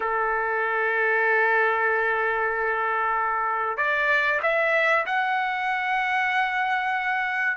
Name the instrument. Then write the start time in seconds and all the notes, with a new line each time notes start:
trumpet
0.00 A4
3.77 D5
4.42 E5
5.06 F#5